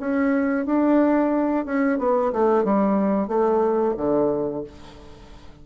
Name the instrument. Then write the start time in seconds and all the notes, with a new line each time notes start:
bassoon
0.00 C#4
0.66 D4
1.66 C#4
1.99 B3
2.33 A3
2.65 G3
3.28 A3
3.97 D3